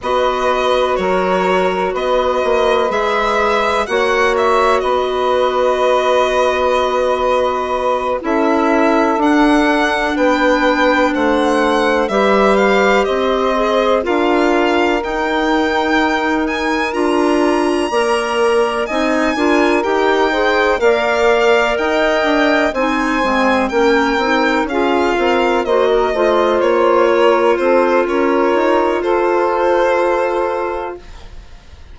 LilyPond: <<
  \new Staff \with { instrumentName = "violin" } { \time 4/4 \tempo 4 = 62 dis''4 cis''4 dis''4 e''4 | fis''8 e''8 dis''2.~ | dis''8 e''4 fis''4 g''4 fis''8~ | fis''8 e''8 f''8 dis''4 f''4 g''8~ |
g''4 gis''8 ais''2 gis''8~ | gis''8 g''4 f''4 g''4 gis''8~ | gis''8 g''4 f''4 dis''4 cis''8~ | cis''8 c''8 cis''4 c''2 | }
  \new Staff \with { instrumentName = "saxophone" } { \time 4/4 b'4 ais'4 b'2 | cis''4 b'2.~ | b'8 a'2 b'4 c''8~ | c''8 b'4 c''4 ais'4.~ |
ais'2~ ais'8 d''4 dis''8 | ais'4 c''8 d''4 dis''4 c''8~ | c''8 ais'4 gis'8 ais'8 c''16 ais'16 c''4 | ais'8 a'8 ais'4 a'2 | }
  \new Staff \with { instrumentName = "clarinet" } { \time 4/4 fis'2. gis'4 | fis'1~ | fis'8 e'4 d'2~ d'8~ | d'8 g'4. gis'8 f'4 dis'8~ |
dis'4. f'4 ais'4 dis'8 | f'8 g'8 gis'8 ais'2 dis'8 | c'8 cis'8 dis'8 f'4 fis'8 f'4~ | f'1 | }
  \new Staff \with { instrumentName = "bassoon" } { \time 4/4 b4 fis4 b8 ais8 gis4 | ais4 b2.~ | b8 cis'4 d'4 b4 a8~ | a8 g4 c'4 d'4 dis'8~ |
dis'4. d'4 ais4 c'8 | d'8 dis'4 ais4 dis'8 d'8 c'8 | gis8 ais8 c'8 cis'8 c'8 ais8 a8 ais8~ | ais8 c'8 cis'8 dis'8 f'2 | }
>>